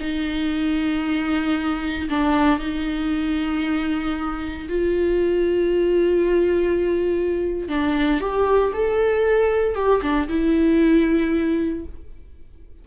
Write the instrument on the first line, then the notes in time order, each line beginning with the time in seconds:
viola
0.00 D#4
2.09 D4
2.59 D#4
4.68 F4
7.68 D4
8.20 G4
8.73 A4
9.75 G4
10.02 D4
10.28 E4